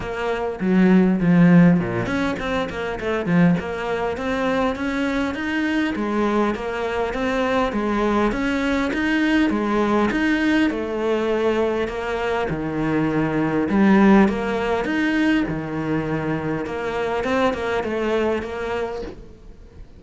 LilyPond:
\new Staff \with { instrumentName = "cello" } { \time 4/4 \tempo 4 = 101 ais4 fis4 f4 ais,8 cis'8 | c'8 ais8 a8 f8 ais4 c'4 | cis'4 dis'4 gis4 ais4 | c'4 gis4 cis'4 dis'4 |
gis4 dis'4 a2 | ais4 dis2 g4 | ais4 dis'4 dis2 | ais4 c'8 ais8 a4 ais4 | }